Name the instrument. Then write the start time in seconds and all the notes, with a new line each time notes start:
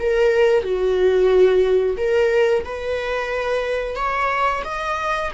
viola
0.00 A#4
0.64 F#4
1.98 A#4
2.65 B4
3.96 C#5
4.65 D#5